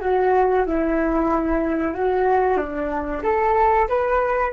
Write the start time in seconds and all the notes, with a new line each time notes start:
0.00 F#4
0.66 E4
1.94 F#4
2.57 D4
3.23 A4
3.88 B4